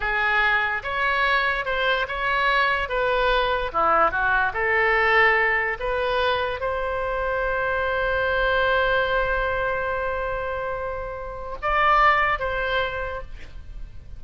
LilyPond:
\new Staff \with { instrumentName = "oboe" } { \time 4/4 \tempo 4 = 145 gis'2 cis''2 | c''4 cis''2 b'4~ | b'4 e'4 fis'4 a'4~ | a'2 b'2 |
c''1~ | c''1~ | c''1 | d''2 c''2 | }